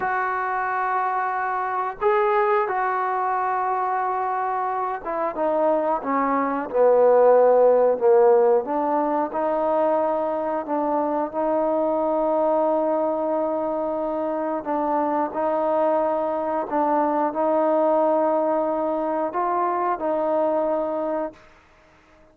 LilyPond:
\new Staff \with { instrumentName = "trombone" } { \time 4/4 \tempo 4 = 90 fis'2. gis'4 | fis'2.~ fis'8 e'8 | dis'4 cis'4 b2 | ais4 d'4 dis'2 |
d'4 dis'2.~ | dis'2 d'4 dis'4~ | dis'4 d'4 dis'2~ | dis'4 f'4 dis'2 | }